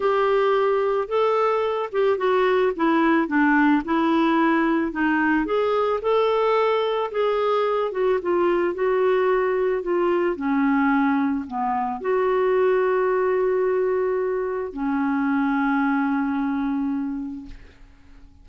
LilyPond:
\new Staff \with { instrumentName = "clarinet" } { \time 4/4 \tempo 4 = 110 g'2 a'4. g'8 | fis'4 e'4 d'4 e'4~ | e'4 dis'4 gis'4 a'4~ | a'4 gis'4. fis'8 f'4 |
fis'2 f'4 cis'4~ | cis'4 b4 fis'2~ | fis'2. cis'4~ | cis'1 | }